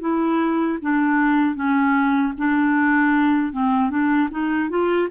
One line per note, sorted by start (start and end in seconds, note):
0.00 0.78 E4
0.81 1.55 D4
1.55 2.33 C#4
2.37 3.52 D4
3.52 3.90 C4
3.90 4.29 D4
4.30 4.69 D#4
4.69 5.08 F4